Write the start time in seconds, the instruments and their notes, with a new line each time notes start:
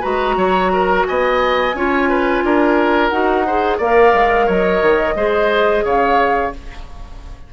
0.00 bassoon G#3, clarinet F#4, oboe B4, flute A#5
0.36 bassoon F#3, oboe C#5
0.72 oboe A#4
1.06 bassoon B3, oboe D#5, flute G#5
1.74 bassoon C#4, clarinet F4, oboe C#5
2.09 oboe B4
2.43 bassoon D4, oboe A#4
3.08 bassoon D#4, clarinet F#4, flute F#5
3.46 clarinet G#4, oboe C5
3.77 bassoon A#3, clarinet A#4, oboe D5, flute F5
4.13 bassoon G#3
4.46 bassoon F#3, oboe C#5, flute D#5
4.82 bassoon D#3
5.15 bassoon G#3, clarinet G#4, oboe C5
5.84 bassoon C#3, oboe C#5, flute F5